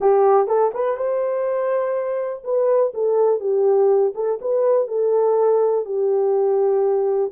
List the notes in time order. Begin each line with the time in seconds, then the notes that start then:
0.00 G4
0.47 A4
0.74 B4
0.96 C5
2.43 B4
2.94 A4
3.40 G4
4.14 A4
4.41 B4
4.87 A4
5.85 G4